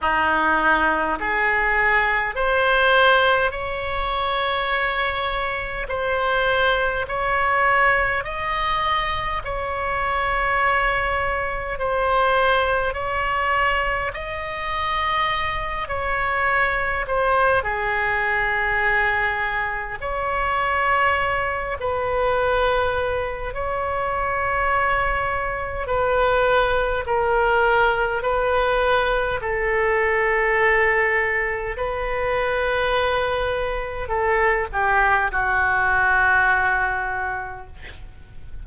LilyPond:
\new Staff \with { instrumentName = "oboe" } { \time 4/4 \tempo 4 = 51 dis'4 gis'4 c''4 cis''4~ | cis''4 c''4 cis''4 dis''4 | cis''2 c''4 cis''4 | dis''4. cis''4 c''8 gis'4~ |
gis'4 cis''4. b'4. | cis''2 b'4 ais'4 | b'4 a'2 b'4~ | b'4 a'8 g'8 fis'2 | }